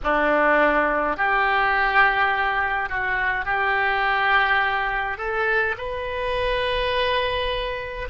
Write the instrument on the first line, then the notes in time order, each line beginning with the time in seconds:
oboe
0.03 D4
1.16 G4
2.89 F#4
3.45 G4
5.17 A4
5.77 B4